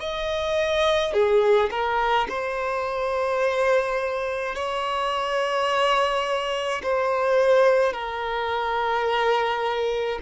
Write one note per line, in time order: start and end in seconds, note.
0.00 1.13 D#5
1.13 1.70 G#4
1.70 2.27 A#4
2.29 4.55 C5
4.55 6.81 C#5
6.83 7.93 C5
7.93 10.19 A#4